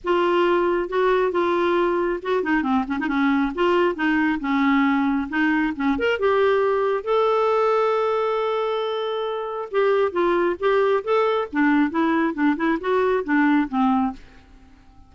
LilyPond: \new Staff \with { instrumentName = "clarinet" } { \time 4/4 \tempo 4 = 136 f'2 fis'4 f'4~ | f'4 fis'8 dis'8 c'8 cis'16 dis'16 cis'4 | f'4 dis'4 cis'2 | dis'4 cis'8 ais'8 g'2 |
a'1~ | a'2 g'4 f'4 | g'4 a'4 d'4 e'4 | d'8 e'8 fis'4 d'4 c'4 | }